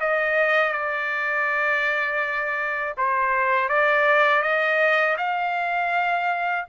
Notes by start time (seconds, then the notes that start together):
0.00 D#5
0.72 D5
2.97 C5
3.69 D5
4.42 D#5
5.18 F5